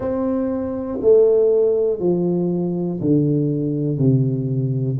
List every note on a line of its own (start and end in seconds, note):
0.00 0.99 C4
1.00 1.99 A3
1.99 2.99 F3
3.00 3.98 D3
3.98 4.98 C3